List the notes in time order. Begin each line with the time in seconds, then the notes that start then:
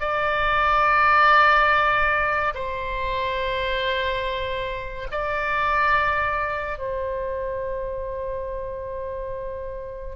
0.00 D5
2.54 C5
5.11 D5
6.78 C5